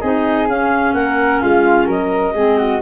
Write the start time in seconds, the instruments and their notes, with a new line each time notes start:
0.00 tuba C4, clarinet D#4 D#5, flute G#4
0.47 tuba C#4, clarinet C#4 F5
0.93 tuba A#3, flute A#4, clarinet F#5
1.40 tuba G#3, flute F4, clarinet F5
1.86 tuba F#3, flute A#4, clarinet D#5
2.34 tuba G#3, clarinet C4, flute G#4
2.57 flute F#4